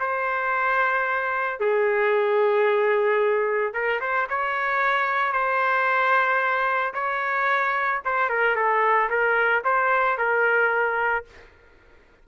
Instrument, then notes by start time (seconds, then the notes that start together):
trumpet
0.00 C5
1.60 G#4
3.74 A#4
4.01 C5
4.29 C#5
5.33 C5
6.94 C#5
8.05 C5
8.29 A#4
8.56 A4
9.10 A#4
9.65 C5
10.18 A#4